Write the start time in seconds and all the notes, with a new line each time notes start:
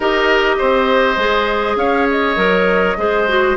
0.00 D#4 G4 A#4 D#5
0.58 C4 C5
1.17 G#3 G#4
1.76 C#4 C#5 F5
2.10 D#5
2.36 F#3 A#4
2.97 G#3 G#4 C5
3.27 F#4